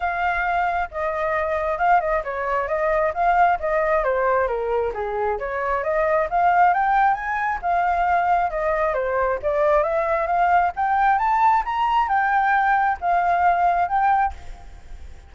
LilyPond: \new Staff \with { instrumentName = "flute" } { \time 4/4 \tempo 4 = 134 f''2 dis''2 | f''8 dis''8 cis''4 dis''4 f''4 | dis''4 c''4 ais'4 gis'4 | cis''4 dis''4 f''4 g''4 |
gis''4 f''2 dis''4 | c''4 d''4 e''4 f''4 | g''4 a''4 ais''4 g''4~ | g''4 f''2 g''4 | }